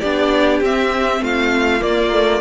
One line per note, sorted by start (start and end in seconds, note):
0.00 0.61 B3
0.00 0.64 D4
0.00 1.21 G4
0.00 0.61 D5
0.61 1.21 C4
0.61 1.80 C4
0.61 1.24 E5
1.21 1.82 A3
1.21 2.41 F4
1.21 1.82 F5
1.80 2.10 A#3
1.80 2.41 A#3
1.80 2.41 D5
2.11 2.41 A3